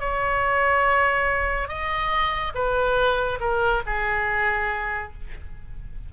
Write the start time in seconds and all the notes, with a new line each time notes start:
0.00 C#5
1.68 D#5
2.55 B4
3.40 A#4
3.86 G#4